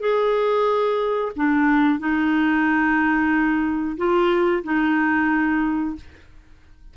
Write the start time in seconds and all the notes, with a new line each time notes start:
0.00 G#4
1.36 D4
1.99 D#4
3.97 F4
4.64 D#4